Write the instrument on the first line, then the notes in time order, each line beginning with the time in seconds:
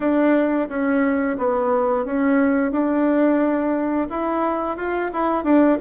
bassoon
0.00 D4
0.68 C#4
1.38 B3
2.05 C#4
2.71 D4
4.09 E4
4.76 F4
5.13 E4
5.44 D4